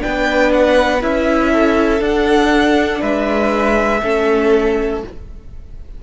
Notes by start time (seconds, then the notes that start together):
0.00 B3 D4 B4 G5
0.52 F#5
1.01 C#4 E4 E5
1.51 A4
2.00 D4 F#5
3.00 G#3 B4 E5
4.03 A3 C#4 A4